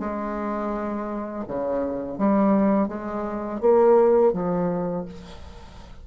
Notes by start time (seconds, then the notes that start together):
0.00 G#3
1.48 C#3
2.19 G3
2.88 G#3
3.61 A#3
4.33 F3